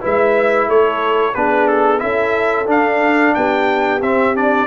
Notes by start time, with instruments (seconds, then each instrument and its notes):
0.00 tuba G#3, trombone E4, horn B4, trumpet E5
0.67 tuba A3, horn A4, trumpet C#5
1.34 tuba B3, trombone D4, horn G#4, trumpet B4
1.67 trumpet A4
1.98 tuba C#4, trombone E4, horn A4, trumpet E5
2.67 tuba D4, trombone D4, trumpet F5
3.34 tuba B3, horn G4, trumpet G5
4.02 tuba C4, trombone C4, trumpet E5
4.35 trombone D4, trumpet D5